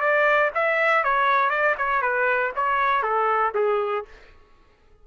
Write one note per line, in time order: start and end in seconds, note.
0.00 0.50 D5
0.54 1.04 E5
1.04 1.49 C#5
1.49 1.75 D5
1.77 2.01 C#5
2.01 2.52 B4
2.55 3.02 C#5
3.02 3.52 A4
3.54 4.05 G#4